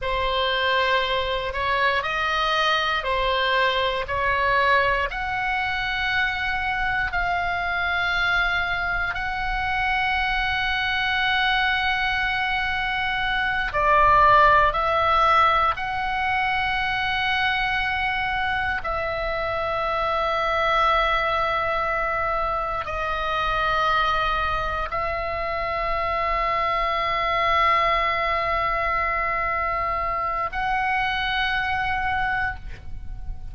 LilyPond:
\new Staff \with { instrumentName = "oboe" } { \time 4/4 \tempo 4 = 59 c''4. cis''8 dis''4 c''4 | cis''4 fis''2 f''4~ | f''4 fis''2.~ | fis''4. d''4 e''4 fis''8~ |
fis''2~ fis''8 e''4.~ | e''2~ e''8 dis''4.~ | dis''8 e''2.~ e''8~ | e''2 fis''2 | }